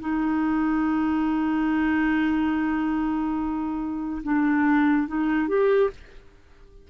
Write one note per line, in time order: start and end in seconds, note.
0.00 4.23 D#4
4.24 5.08 D4
5.08 5.48 D#4
5.48 5.90 G4